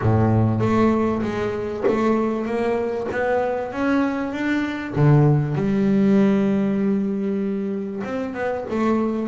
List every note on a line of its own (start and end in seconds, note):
0.01 0.60 A2
0.60 1.21 A3
1.22 1.84 G#3
1.87 2.45 A3
2.45 3.07 A#3
3.11 3.72 B3
3.72 4.32 C#4
4.32 4.94 D4
4.95 5.55 D3
5.55 8.02 G3
8.04 8.34 C4
8.34 8.65 B3
8.69 9.28 A3